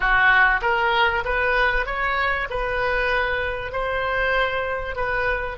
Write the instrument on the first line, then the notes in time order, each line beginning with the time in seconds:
oboe
0.00 F#4
0.61 A#4
1.24 B4
1.86 C#5
2.50 B4
3.71 C5
4.95 B4